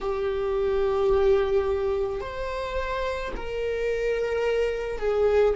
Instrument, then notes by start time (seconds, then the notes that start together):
viola
0.00 G4
2.20 C5
3.36 A#4
4.98 G#4